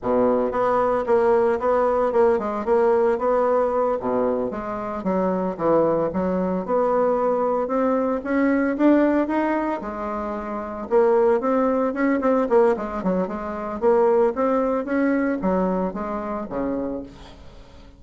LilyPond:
\new Staff \with { instrumentName = "bassoon" } { \time 4/4 \tempo 4 = 113 b,4 b4 ais4 b4 | ais8 gis8 ais4 b4. b,8~ | b,8 gis4 fis4 e4 fis8~ | fis8 b2 c'4 cis'8~ |
cis'8 d'4 dis'4 gis4.~ | gis8 ais4 c'4 cis'8 c'8 ais8 | gis8 fis8 gis4 ais4 c'4 | cis'4 fis4 gis4 cis4 | }